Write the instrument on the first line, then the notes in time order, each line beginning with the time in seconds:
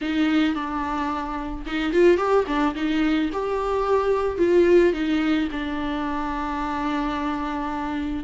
viola
0.01 D#4
0.55 D4
1.66 D#4
1.92 F4
2.17 G4
2.47 D4
2.75 D#4
3.32 G4
4.38 F4
4.93 D#4
5.51 D4